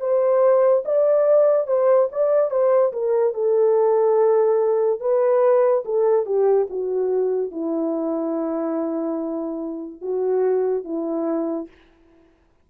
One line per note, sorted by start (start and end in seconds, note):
0.00 0.83 C5
0.85 1.67 D5
1.67 2.09 C5
2.12 2.50 D5
2.50 2.92 C5
2.92 3.33 A#4
3.33 5.00 A4
5.00 5.83 B4
5.84 6.25 A4
6.25 6.67 G4
6.70 7.51 F#4
7.51 10.01 E4
10.01 10.84 F#4
10.84 11.67 E4